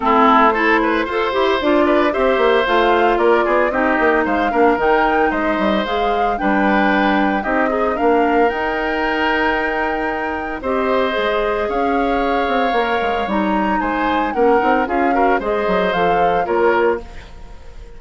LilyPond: <<
  \new Staff \with { instrumentName = "flute" } { \time 4/4 \tempo 4 = 113 a'4 c''2 d''4 | e''4 f''4 d''4 dis''4 | f''4 g''4 dis''4 f''4 | g''2 dis''4 f''4 |
g''1 | dis''2 f''2~ | f''4 ais''4 gis''4 fis''4 | f''4 dis''4 f''4 cis''4 | }
  \new Staff \with { instrumentName = "oboe" } { \time 4/4 e'4 a'8 b'8 c''4. b'8 | c''2 ais'8 gis'8 g'4 | c''8 ais'4. c''2 | b'2 g'8 dis'8 ais'4~ |
ais'1 | c''2 cis''2~ | cis''2 c''4 ais'4 | gis'8 ais'8 c''2 ais'4 | }
  \new Staff \with { instrumentName = "clarinet" } { \time 4/4 c'4 e'4 a'8 g'8 f'4 | g'4 f'2 dis'4~ | dis'8 d'8 dis'2 gis'4 | d'2 dis'8 gis'8 d'4 |
dis'1 | g'4 gis'2. | ais'4 dis'2 cis'8 dis'8 | f'8 fis'8 gis'4 a'4 f'4 | }
  \new Staff \with { instrumentName = "bassoon" } { \time 4/4 a2 f'8 e'8 d'4 | c'8 ais8 a4 ais8 b8 c'8 ais8 | gis8 ais8 dis4 gis8 g8 gis4 | g2 c'4 ais4 |
dis'1 | c'4 gis4 cis'4. c'8 | ais8 gis8 g4 gis4 ais8 c'8 | cis'4 gis8 fis8 f4 ais4 | }
>>